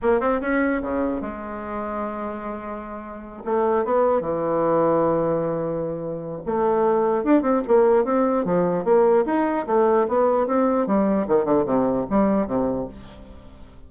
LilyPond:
\new Staff \with { instrumentName = "bassoon" } { \time 4/4 \tempo 4 = 149 ais8 c'8 cis'4 cis4 gis4~ | gis1~ | gis8 a4 b4 e4.~ | e1 |
a2 d'8 c'8 ais4 | c'4 f4 ais4 dis'4 | a4 b4 c'4 g4 | dis8 d8 c4 g4 c4 | }